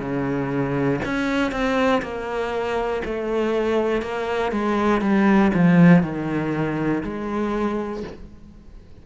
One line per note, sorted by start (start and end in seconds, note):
0.00 1.00 C#3
1.05 1.52 C#4
1.52 2.02 C4
2.02 3.02 A#3
3.05 4.02 A3
4.02 4.52 A#3
4.52 5.01 G#3
5.01 5.51 G3
5.54 6.02 F3
6.02 7.02 D#3
7.03 8.03 G#3